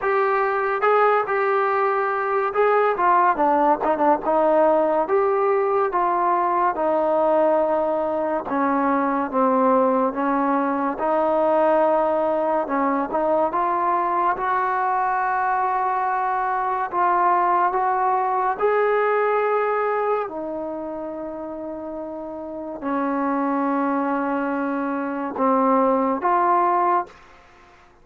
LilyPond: \new Staff \with { instrumentName = "trombone" } { \time 4/4 \tempo 4 = 71 g'4 gis'8 g'4. gis'8 f'8 | d'8 dis'16 d'16 dis'4 g'4 f'4 | dis'2 cis'4 c'4 | cis'4 dis'2 cis'8 dis'8 |
f'4 fis'2. | f'4 fis'4 gis'2 | dis'2. cis'4~ | cis'2 c'4 f'4 | }